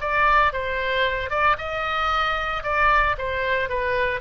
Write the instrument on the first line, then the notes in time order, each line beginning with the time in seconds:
oboe
0.00 D5
0.52 C5
1.30 D5
1.58 D#5
2.63 D5
3.17 C5
3.69 B4